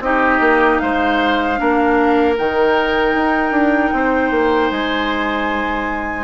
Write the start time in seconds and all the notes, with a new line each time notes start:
0.00 C4 D#4 G4 D#5
0.40 A#3
0.78 G#3 C5 F5
1.57 A#3 D4 A#4
2.37 D#3 D#4 G5
3.14 D#4
3.51 D4
3.93 C4 C5
4.31 A#3
4.71 G#3 G#5